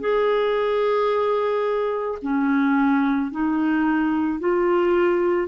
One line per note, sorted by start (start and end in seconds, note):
0.00 2.18 G#4
2.22 3.31 C#4
3.31 4.39 D#4
4.39 5.48 F4